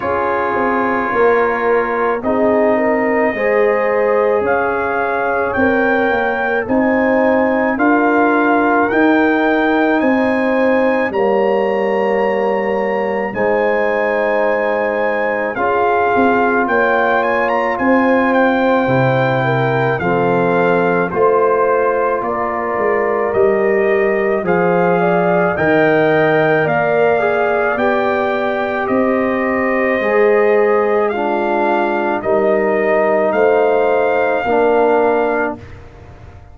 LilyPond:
<<
  \new Staff \with { instrumentName = "trumpet" } { \time 4/4 \tempo 4 = 54 cis''2 dis''2 | f''4 g''4 gis''4 f''4 | g''4 gis''4 ais''2 | gis''2 f''4 g''8 gis''16 ais''16 |
gis''8 g''4. f''4 c''4 | d''4 dis''4 f''4 g''4 | f''4 g''4 dis''2 | f''4 dis''4 f''2 | }
  \new Staff \with { instrumentName = "horn" } { \time 4/4 gis'4 ais'4 gis'8 ais'8 c''4 | cis''2 c''4 ais'4~ | ais'4 c''4 cis''2 | c''2 gis'4 cis''4 |
c''4. ais'8 a'4 c''4 | ais'2 c''8 d''8 dis''4 | d''2 c''2 | f'4 ais'4 c''4 ais'4 | }
  \new Staff \with { instrumentName = "trombone" } { \time 4/4 f'2 dis'4 gis'4~ | gis'4 ais'4 dis'4 f'4 | dis'2 ais2 | dis'2 f'2~ |
f'4 e'4 c'4 f'4~ | f'4 g'4 gis'4 ais'4~ | ais'8 gis'8 g'2 gis'4 | d'4 dis'2 d'4 | }
  \new Staff \with { instrumentName = "tuba" } { \time 4/4 cis'8 c'8 ais4 c'4 gis4 | cis'4 c'8 ais8 c'4 d'4 | dis'4 c'4 g2 | gis2 cis'8 c'8 ais4 |
c'4 c4 f4 a4 | ais8 gis8 g4 f4 dis4 | ais4 b4 c'4 gis4~ | gis4 g4 a4 ais4 | }
>>